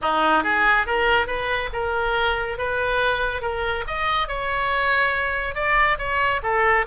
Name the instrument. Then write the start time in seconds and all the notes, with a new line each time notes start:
oboe
0.01 D#4
0.43 G#4
0.86 A#4
1.26 B4
1.73 A#4
2.58 B4
3.41 A#4
3.87 D#5
4.27 C#5
5.54 D5
5.98 C#5
6.42 A4